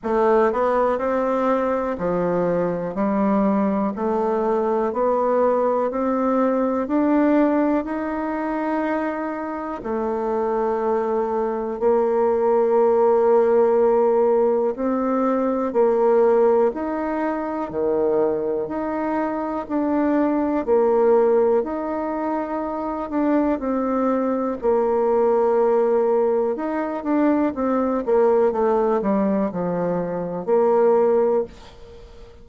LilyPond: \new Staff \with { instrumentName = "bassoon" } { \time 4/4 \tempo 4 = 61 a8 b8 c'4 f4 g4 | a4 b4 c'4 d'4 | dis'2 a2 | ais2. c'4 |
ais4 dis'4 dis4 dis'4 | d'4 ais4 dis'4. d'8 | c'4 ais2 dis'8 d'8 | c'8 ais8 a8 g8 f4 ais4 | }